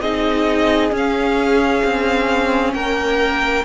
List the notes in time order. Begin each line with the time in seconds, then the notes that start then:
0.00 C4 D#4 G#4 D#5
0.91 C#4 F5
1.84 C4
2.73 A#3 A#4 G5